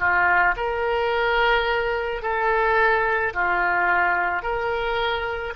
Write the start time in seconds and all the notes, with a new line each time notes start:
0.00 F4
0.57 A#4
2.23 A4
3.34 F4
4.43 A#4